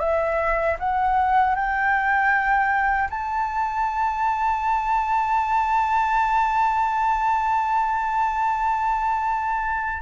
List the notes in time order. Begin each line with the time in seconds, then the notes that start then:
0.00 E5
0.79 F#5
1.55 G5
3.10 A5